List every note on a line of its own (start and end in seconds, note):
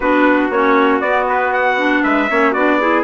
0.00 0.49 B3
0.00 0.52 D4
0.00 2.03 F#4
0.00 0.50 B4
0.49 1.00 A#3
0.49 1.02 C#4
0.49 1.00 C#5
1.00 2.02 B3
1.00 1.77 B3
1.00 1.26 D5
1.28 1.53 B4
1.53 2.03 F#5
1.77 2.28 D4
2.03 2.29 G#3
2.03 2.28 B4
2.03 2.53 E5
2.30 2.54 A#3
2.30 2.55 C#4
2.30 2.51 C#5
2.51 3.03 B3
2.51 2.80 D4
2.51 2.77 F#4
2.51 3.03 D5
2.80 3.03 E4
2.80 3.03 G#4